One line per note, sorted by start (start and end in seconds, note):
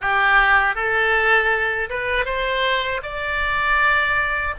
0.01 0.75 G4
0.75 1.89 A4
1.89 2.25 B4
2.25 3.01 C5
3.02 4.54 D5